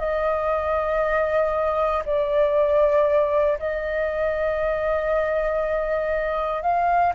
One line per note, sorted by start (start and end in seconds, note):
0.00 2.03 D#5
2.06 3.58 D5
3.59 6.63 D#5
6.63 7.14 F5